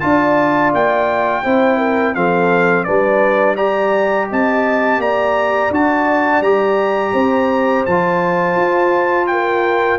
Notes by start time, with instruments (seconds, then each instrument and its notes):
0.00 tuba D4, trombone F4, horn D5, trumpet A5
0.74 tuba A#3, trumpet G5
1.43 tuba C4, trombone E4, horn C5
1.78 horn A#4
2.15 tuba F3, trombone C4, horn A4, trumpet F5
2.84 tuba G3, trombone D4, horn B4, trumpet D5
3.56 trombone G4, horn D5, trumpet A#5
4.30 tuba C4, horn D#5, trumpet A5
4.99 tuba A#3, horn D5, trumpet A#5
5.71 tuba D4, trombone F#4, trumpet A5
6.41 tuba G3, trombone G4, trumpet A#5
7.13 tuba C4, horn C5
7.86 tuba F3, trombone F4, trumpet A5
8.56 tuba F4
9.27 horn A#4, trumpet G5